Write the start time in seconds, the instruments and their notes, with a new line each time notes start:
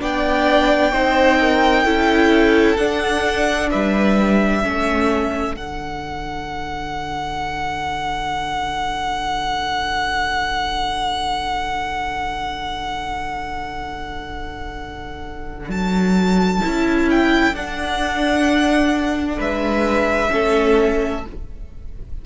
0.00 cello B3, viola D4, violin D5 G5
0.93 cello C4, viola D#4, violin C5
1.40 violin A#4
1.85 cello C#4, viola E4, violin A4
2.77 cello D4, viola D4, violin F#5
3.71 cello G3, violin B4 E5
4.62 cello A3, viola C#4, violin A4
5.55 cello D3, viola D4, violin F#5
15.69 cello F#3, violin A5
16.62 cello C#4, viola E4
17.11 violin G5
17.54 cello D4, viola D4, violin F#5
19.38 cello G#3, violin B4 E5
20.30 cello A3, viola C#4, violin A4